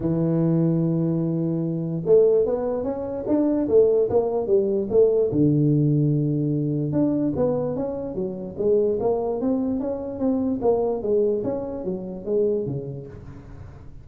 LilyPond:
\new Staff \with { instrumentName = "tuba" } { \time 4/4 \tempo 4 = 147 e1~ | e4 a4 b4 cis'4 | d'4 a4 ais4 g4 | a4 d2.~ |
d4 d'4 b4 cis'4 | fis4 gis4 ais4 c'4 | cis'4 c'4 ais4 gis4 | cis'4 fis4 gis4 cis4 | }